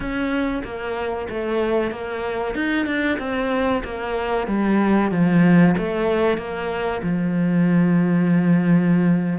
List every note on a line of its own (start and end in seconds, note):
0.00 0.62 C#4
0.64 1.28 A#3
1.29 1.91 A3
1.91 2.54 A#3
2.54 2.86 D#4
2.86 3.17 D4
3.18 3.82 C4
3.84 4.47 A#3
4.47 5.11 G3
5.11 5.75 F3
5.77 6.37 A3
6.37 7.01 A#3
7.02 9.39 F3